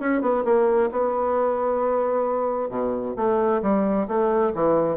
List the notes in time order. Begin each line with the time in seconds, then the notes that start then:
0.00 C#4
0.22 B3
0.45 A#3
0.92 B3
2.70 B2
3.16 A3
3.63 G3
4.08 A3
4.55 E3